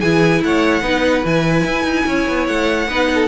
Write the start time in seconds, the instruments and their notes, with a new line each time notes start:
0.00 cello E3, viola E4, violin G#4 G#5
0.43 cello A3, violin C#5 F#5
0.82 cello B3, viola D#4, violin B4
1.23 cello E3, viola E4, violin G#5
1.64 cello E4
1.84 cello D#4
2.06 cello C#4, violin C#5
2.28 cello B3
2.47 cello A3, violin F#5
2.88 cello B3, viola D#4, violin B4
3.14 violin A4